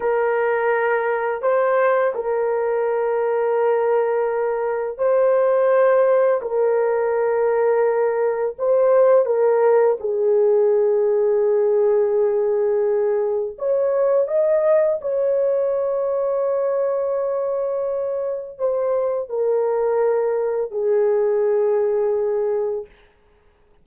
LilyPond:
\new Staff \with { instrumentName = "horn" } { \time 4/4 \tempo 4 = 84 ais'2 c''4 ais'4~ | ais'2. c''4~ | c''4 ais'2. | c''4 ais'4 gis'2~ |
gis'2. cis''4 | dis''4 cis''2.~ | cis''2 c''4 ais'4~ | ais'4 gis'2. | }